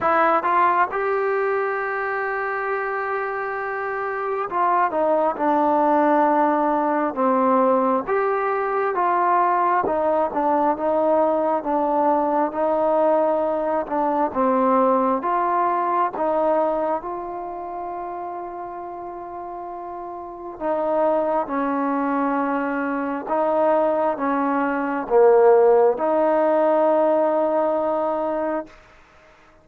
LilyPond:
\new Staff \with { instrumentName = "trombone" } { \time 4/4 \tempo 4 = 67 e'8 f'8 g'2.~ | g'4 f'8 dis'8 d'2 | c'4 g'4 f'4 dis'8 d'8 | dis'4 d'4 dis'4. d'8 |
c'4 f'4 dis'4 f'4~ | f'2. dis'4 | cis'2 dis'4 cis'4 | ais4 dis'2. | }